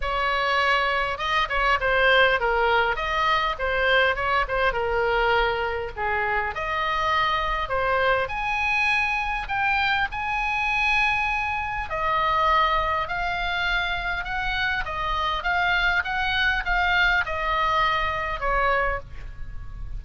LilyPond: \new Staff \with { instrumentName = "oboe" } { \time 4/4 \tempo 4 = 101 cis''2 dis''8 cis''8 c''4 | ais'4 dis''4 c''4 cis''8 c''8 | ais'2 gis'4 dis''4~ | dis''4 c''4 gis''2 |
g''4 gis''2. | dis''2 f''2 | fis''4 dis''4 f''4 fis''4 | f''4 dis''2 cis''4 | }